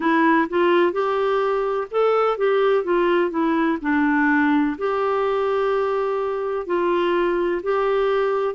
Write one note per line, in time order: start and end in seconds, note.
0.00 0.48 E4
0.48 0.92 F4
0.92 1.87 G4
1.90 2.37 A4
2.37 2.84 G4
2.84 3.30 F4
3.30 3.77 E4
3.81 4.76 D4
4.77 6.66 G4
6.66 7.61 F4
7.62 8.54 G4